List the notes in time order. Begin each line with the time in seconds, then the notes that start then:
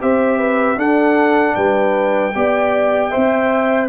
0.00 C4 G4 C5 E5
0.38 B4
0.76 D4 A4 F#5
1.54 G3 B4 G5
2.35 B3 G4 D5
3.10 C4 C5 E5